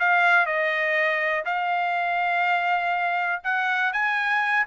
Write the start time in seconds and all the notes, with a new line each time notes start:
0.00 F5
0.46 D#5
1.45 F5
3.44 F#5
3.93 G#5